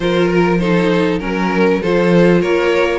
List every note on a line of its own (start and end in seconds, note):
0.00 1.20 F3
0.00 0.59 F4
0.00 0.60 A#4
0.00 0.27 C5
0.27 0.58 A#4
0.58 1.20 D#4
0.58 1.19 A4
0.58 1.19 C5
1.19 1.80 F#3
1.19 1.80 C#4
1.19 1.80 A#4
1.25 1.82 A#4
1.81 2.42 F3
1.81 2.98 F4
1.81 2.41 A4
1.81 2.41 C5
2.41 2.98 A#3
2.41 2.98 A#4
2.41 2.98 C#5